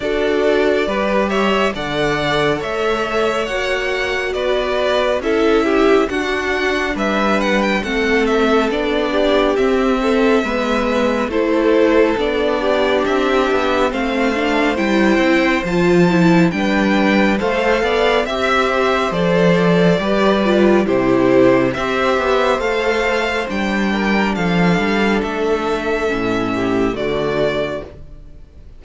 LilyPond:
<<
  \new Staff \with { instrumentName = "violin" } { \time 4/4 \tempo 4 = 69 d''4. e''8 fis''4 e''4 | fis''4 d''4 e''4 fis''4 | e''8 fis''16 g''16 fis''8 e''8 d''4 e''4~ | e''4 c''4 d''4 e''4 |
f''4 g''4 a''4 g''4 | f''4 e''4 d''2 | c''4 e''4 f''4 g''4 | f''4 e''2 d''4 | }
  \new Staff \with { instrumentName = "violin" } { \time 4/4 a'4 b'8 cis''8 d''4 cis''4~ | cis''4 b'4 a'8 g'8 fis'4 | b'4 a'4. g'4 a'8 | b'4 a'4. g'4. |
c''2. b'4 | c''8 d''8 e''8 c''4. b'4 | g'4 c''2~ c''8 ais'8 | a'2~ a'8 g'8 fis'4 | }
  \new Staff \with { instrumentName = "viola" } { \time 4/4 fis'4 g'4 a'2 | fis'2 e'4 d'4~ | d'4 c'4 d'4 c'4 | b4 e'4 d'2 |
c'8 d'8 e'4 f'8 e'8 d'4 | a'4 g'4 a'4 g'8 f'8 | e'4 g'4 a'4 d'4~ | d'2 cis'4 a4 | }
  \new Staff \with { instrumentName = "cello" } { \time 4/4 d'4 g4 d4 a4 | ais4 b4 cis'4 d'4 | g4 a4 b4 c'4 | gis4 a4 b4 c'8 b8 |
a4 g8 c'8 f4 g4 | a8 b8 c'4 f4 g4 | c4 c'8 b8 a4 g4 | f8 g8 a4 a,4 d4 | }
>>